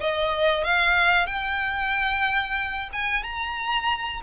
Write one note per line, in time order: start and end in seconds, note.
0.00 0.63 D#5
0.63 1.26 F5
1.26 2.89 G5
2.93 3.23 G#5
3.23 4.21 A#5